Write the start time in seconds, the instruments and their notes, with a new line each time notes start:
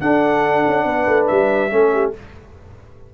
0.00 trombone D4, tuba D4, horn A4, trumpet F#5
0.67 tuba C#4
0.85 tuba B3, horn B4
1.07 tuba A3
1.27 tuba G3, trumpet E5
1.70 tuba A3, trombone C#4, horn A4
1.93 horn G4